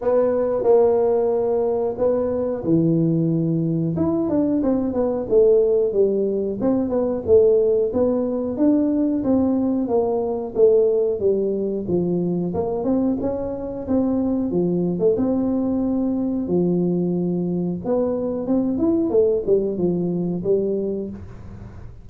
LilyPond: \new Staff \with { instrumentName = "tuba" } { \time 4/4 \tempo 4 = 91 b4 ais2 b4 | e2 e'8 d'8 c'8 b8 | a4 g4 c'8 b8 a4 | b4 d'4 c'4 ais4 |
a4 g4 f4 ais8 c'8 | cis'4 c'4 f8. a16 c'4~ | c'4 f2 b4 | c'8 e'8 a8 g8 f4 g4 | }